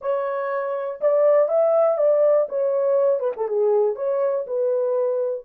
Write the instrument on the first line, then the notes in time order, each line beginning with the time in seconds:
horn
0.01 C#5
1.01 D5
1.48 E5
1.97 D5
2.48 C#5
3.19 B4
3.37 A4
3.48 G#4
3.95 C#5
4.47 B4